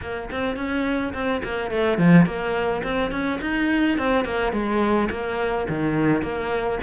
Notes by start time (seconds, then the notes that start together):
0.01 A#3
0.31 C4
0.56 C#4
1.13 C4
1.43 A#3
1.70 A3
1.98 F3
2.25 A#3
2.83 C4
3.11 C#4
3.41 D#4
3.98 C4
4.24 A#3
4.52 G#3
5.10 A#3
5.68 D#3
6.22 A#3